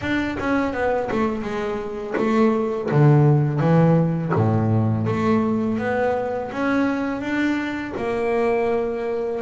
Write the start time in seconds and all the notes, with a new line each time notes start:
0.01 D4
0.39 C#4
0.73 B3
1.11 A3
1.42 G#3
2.17 A3
2.91 D3
3.59 E3
4.34 A2
5.06 A3
5.78 B3
6.51 C#4
7.21 D4
7.97 A#3